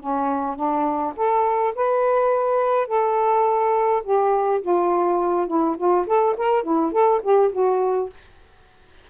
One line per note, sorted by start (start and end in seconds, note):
0.00 0.56 C#4
0.56 1.13 D4
1.16 1.74 A4
1.75 2.87 B4
2.87 4.02 A4
4.04 4.61 G4
4.62 5.47 F4
5.47 5.76 E4
5.78 6.07 F4
6.07 6.35 A4
6.37 6.63 A#4
6.63 6.92 E4
6.92 7.21 A4
7.22 7.51 G4
7.52 8.10 F#4